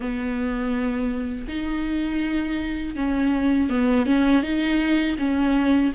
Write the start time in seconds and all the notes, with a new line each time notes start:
0.00 B3
1.48 D#4
2.95 C#4
3.69 B3
4.05 C#4
4.42 D#4
5.18 C#4